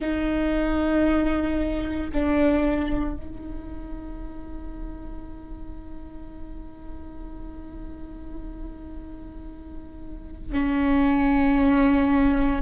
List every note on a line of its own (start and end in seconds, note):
0.00 2.11 D#4
2.11 3.16 D4
3.16 10.52 D#4
10.52 12.61 C#4